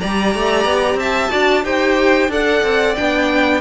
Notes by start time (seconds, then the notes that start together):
0.00 G3 G4 D5 A#5
0.35 A3
0.64 B3
0.94 C4 E5 A5
1.29 D4 F#4 D5
1.63 D#4 G4 C5 G5
2.28 D4 A4 D5 F#5
2.62 C4
2.95 B3 D4 G5